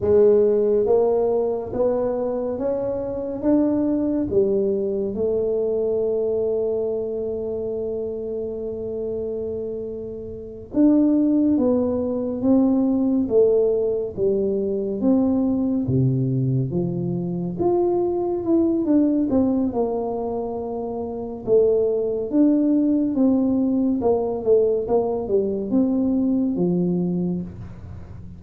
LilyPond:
\new Staff \with { instrumentName = "tuba" } { \time 4/4 \tempo 4 = 70 gis4 ais4 b4 cis'4 | d'4 g4 a2~ | a1~ | a8 d'4 b4 c'4 a8~ |
a8 g4 c'4 c4 f8~ | f8 f'4 e'8 d'8 c'8 ais4~ | ais4 a4 d'4 c'4 | ais8 a8 ais8 g8 c'4 f4 | }